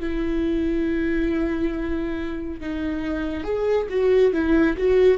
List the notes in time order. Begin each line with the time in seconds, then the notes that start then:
0.00 E4
2.61 D#4
3.44 G#4
3.89 F#4
4.33 E4
4.77 F#4